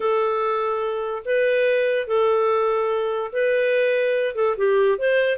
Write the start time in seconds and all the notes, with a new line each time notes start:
0.00 A4
1.25 B4
2.07 A4
3.32 B4
4.35 A4
4.57 G4
4.98 C5